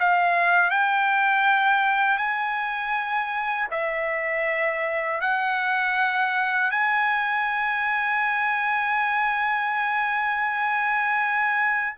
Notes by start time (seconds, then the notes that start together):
0.00 F5
0.71 G5
2.18 G#5
3.71 E5
5.21 F#5
6.71 G#5